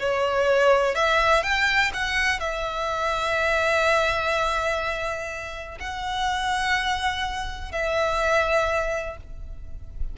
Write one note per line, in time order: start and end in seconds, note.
0.00 0.95 C#5
0.95 1.43 E5
1.43 1.92 G5
1.94 2.40 F#5
2.40 5.79 E5
5.80 7.72 F#5
7.72 9.17 E5